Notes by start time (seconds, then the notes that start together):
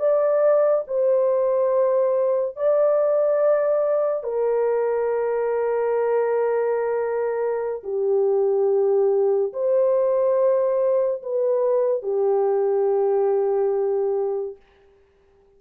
0.00 D5
0.88 C5
2.57 D5
4.24 A#4
7.84 G4
9.53 C5
11.23 B4
12.03 G4